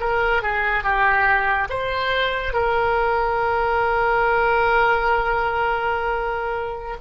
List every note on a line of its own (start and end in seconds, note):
0.00 0.42 A#4
0.42 0.84 G#4
0.84 1.68 G4
1.69 2.54 C5
2.54 6.97 A#4